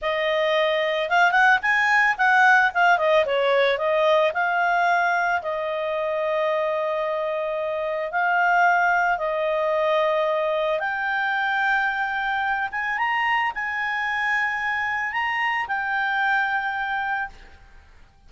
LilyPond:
\new Staff \with { instrumentName = "clarinet" } { \time 4/4 \tempo 4 = 111 dis''2 f''8 fis''8 gis''4 | fis''4 f''8 dis''8 cis''4 dis''4 | f''2 dis''2~ | dis''2. f''4~ |
f''4 dis''2. | g''2.~ g''8 gis''8 | ais''4 gis''2. | ais''4 g''2. | }